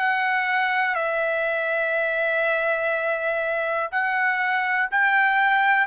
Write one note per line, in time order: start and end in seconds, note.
0.00 0.96 F#5
0.96 3.91 E5
3.92 4.90 F#5
4.91 5.87 G5